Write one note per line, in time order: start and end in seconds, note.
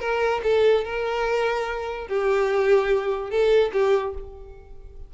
0.00 0.41 A#4
0.43 0.84 A4
0.85 2.08 A#4
2.08 3.30 G4
3.30 3.72 A4
3.73 4.14 G4